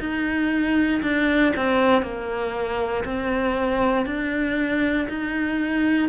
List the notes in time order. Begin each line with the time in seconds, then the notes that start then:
0.00 D#4
1.03 D4
1.57 C4
2.03 A#3
3.05 C4
4.06 D4
5.09 D#4